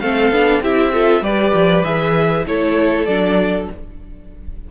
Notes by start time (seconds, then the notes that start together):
0.00 A3 C4 A4 F5
0.31 B3 D4
0.60 C4 E4 G4 E5
0.93 F4 A4
1.21 G3 G4 B4 D5
1.54 F3
1.83 E3 G#4 E5
2.45 A3 E4 A4 C#5
3.05 F#3 D4 D5